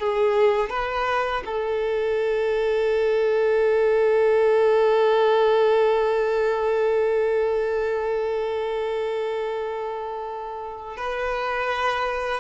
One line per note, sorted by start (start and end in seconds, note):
0.00 0.70 G#4
0.70 1.43 B4
1.46 10.97 A4
10.97 12.41 B4